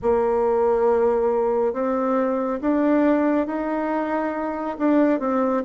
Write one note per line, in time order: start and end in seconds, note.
0.02 1.73 A#3
1.73 2.60 C4
2.61 3.47 D4
3.47 4.77 D#4
4.78 5.19 D4
5.19 5.63 C4